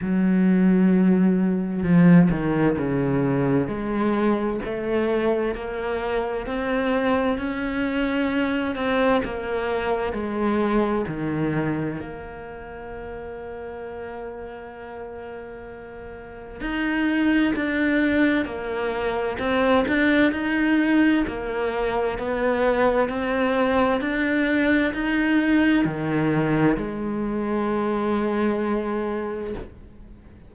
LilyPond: \new Staff \with { instrumentName = "cello" } { \time 4/4 \tempo 4 = 65 fis2 f8 dis8 cis4 | gis4 a4 ais4 c'4 | cis'4. c'8 ais4 gis4 | dis4 ais2.~ |
ais2 dis'4 d'4 | ais4 c'8 d'8 dis'4 ais4 | b4 c'4 d'4 dis'4 | dis4 gis2. | }